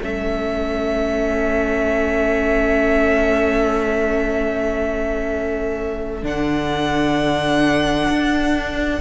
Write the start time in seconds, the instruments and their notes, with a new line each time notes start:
0.00 cello A3, viola C#4, violin A4 E5
6.23 cello D3, viola D4, violin F#5
8.09 cello D4